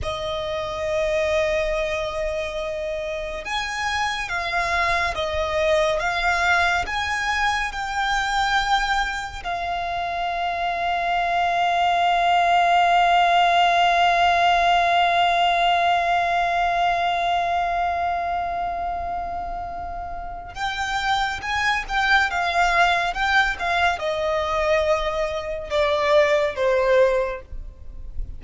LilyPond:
\new Staff \with { instrumentName = "violin" } { \time 4/4 \tempo 4 = 70 dis''1 | gis''4 f''4 dis''4 f''4 | gis''4 g''2 f''4~ | f''1~ |
f''1~ | f''1 | g''4 gis''8 g''8 f''4 g''8 f''8 | dis''2 d''4 c''4 | }